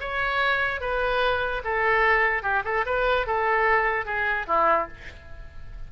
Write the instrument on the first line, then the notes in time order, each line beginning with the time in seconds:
oboe
0.00 C#5
0.80 B4
1.64 A4
2.42 G4
2.65 A4
2.86 B4
3.26 A4
4.05 G#4
4.47 E4